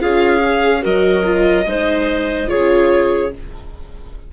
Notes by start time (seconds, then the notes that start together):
0.00 C#4 F4 G#4 F5
0.45 G#4
0.82 F#3 F#4 A#4 D#5
1.24 F4
1.66 G#3 D#4 C5
2.47 C#3 F4 G#4 C#5